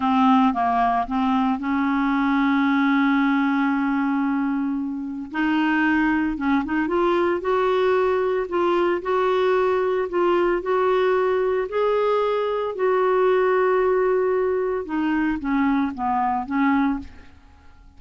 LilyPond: \new Staff \with { instrumentName = "clarinet" } { \time 4/4 \tempo 4 = 113 c'4 ais4 c'4 cis'4~ | cis'1~ | cis'2 dis'2 | cis'8 dis'8 f'4 fis'2 |
f'4 fis'2 f'4 | fis'2 gis'2 | fis'1 | dis'4 cis'4 b4 cis'4 | }